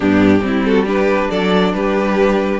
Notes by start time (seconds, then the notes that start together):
0.00 G2 B3 D4 G4
0.42 G3 C4 E4
0.64 F#4 A4
0.85 D4 G4 B4
1.29 F#3 A4 D5
1.73 G3 G4 B4